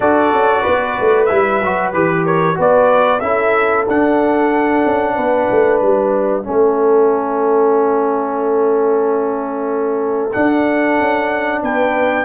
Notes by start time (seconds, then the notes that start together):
0.00 D4 F#4 A4 D5
0.32 C#4
0.61 B3 B4
1.00 A3
1.25 G3 E4 E5
1.62 F#3 F#4
1.93 E3 G4 B4
2.24 A#4 C#5
2.54 B3 F#4 B4
2.60 D5
3.19 C#4 E4 A4 E5
3.87 D4 F#5
4.85 C#4
5.14 B3 B4
5.50 A3
5.81 G3 E5
6.43 A3 C#4 A4
10.32 D4 F#5
10.99 C#4
11.62 B3 B4 G5